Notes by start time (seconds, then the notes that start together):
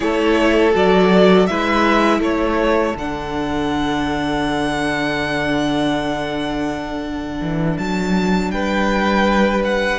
0.00 A3 E4 A4 C#5
0.72 F#3 F#4 D5
1.46 G#3 E4 B4 E5
2.19 A3 A4 C#5
2.96 D3 D4 F#5
7.40 E3
7.77 F#3 A5
8.51 G3 B4 G5
9.64 F#5